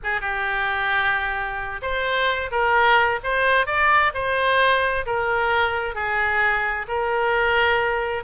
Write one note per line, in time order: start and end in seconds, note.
0.03 0.21 G#4
0.21 1.81 G4
1.82 2.50 C5
2.51 3.19 A#4
3.23 3.66 C5
3.66 4.12 D5
4.14 5.05 C5
5.06 5.94 A#4
5.94 6.86 G#4
6.87 8.23 A#4